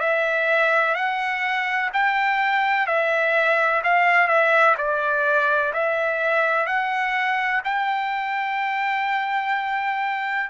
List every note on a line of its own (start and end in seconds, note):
0.00 0.94 E5
0.94 1.90 F#5
1.93 2.86 G5
2.86 3.81 E5
3.84 4.27 F5
4.27 4.75 E5
4.77 5.72 D5
5.73 6.66 E5
6.66 7.61 F#5
7.64 10.50 G5